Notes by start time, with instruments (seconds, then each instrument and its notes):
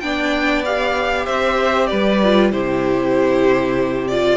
0.00 cello B3, viola D4, violin D5 G5
0.65 viola G4, violin F5
1.25 cello C4, violin C5 E5
1.87 cello G3, violin B4 D5
2.24 viola F4
2.52 cello C3, viola E4, violin G4 C5
4.08 viola F4, violin D5